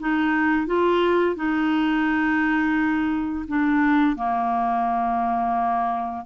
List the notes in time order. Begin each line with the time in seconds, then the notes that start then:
0.00 D#4
0.67 F4
1.36 D#4
3.48 D4
4.16 A#3